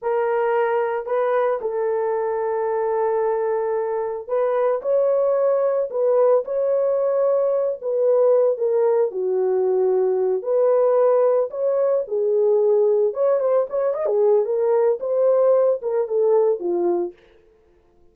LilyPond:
\new Staff \with { instrumentName = "horn" } { \time 4/4 \tempo 4 = 112 ais'2 b'4 a'4~ | a'1 | b'4 cis''2 b'4 | cis''2~ cis''8 b'4. |
ais'4 fis'2~ fis'8 b'8~ | b'4. cis''4 gis'4.~ | gis'8 cis''8 c''8 cis''8 dis''16 gis'8. ais'4 | c''4. ais'8 a'4 f'4 | }